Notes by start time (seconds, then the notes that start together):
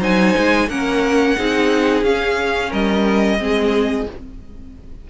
0.00 F#3 D#4 C5 G#5
0.38 G#3
0.69 A#3 C#4 A#4 F#5
1.37 C4 D#4 G#4
2.03 C#4 F5
2.70 G3 A#4 D#5
3.39 G#3 C4 G#4